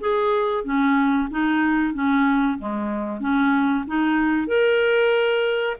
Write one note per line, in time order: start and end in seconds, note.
0.00 0.64 G#4
0.64 1.28 C#4
1.30 1.94 D#4
1.94 2.58 C#4
2.58 3.20 G#3
3.20 3.84 C#4
3.87 4.47 D#4
4.47 5.76 A#4